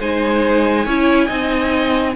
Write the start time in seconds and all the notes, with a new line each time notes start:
0.00 G#3 D#4 C5 G#5
0.85 C#4 E4 C#5
1.27 C4 D#4 D#5